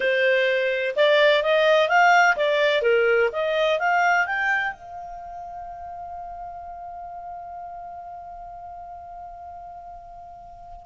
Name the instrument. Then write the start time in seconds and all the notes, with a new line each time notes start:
clarinet
0.00 C5
0.96 D5
1.43 D#5
1.89 F5
2.36 D5
2.82 A#4
3.32 D#5
3.79 F5
4.26 G5
4.73 F5